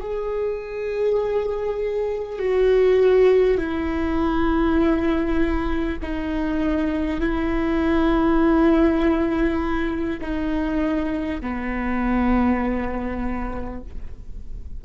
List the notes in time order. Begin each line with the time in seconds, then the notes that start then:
0.00 G#4
2.38 F#4
3.58 E4
6.02 D#4
7.20 E4
10.21 D#4
11.41 B3